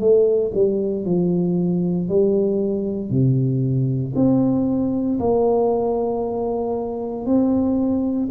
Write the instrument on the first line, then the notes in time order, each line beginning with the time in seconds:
tuba
0.00 A3
0.55 G3
1.05 F3
2.09 G3
3.10 C3
4.16 C4
5.20 A#3
7.26 C4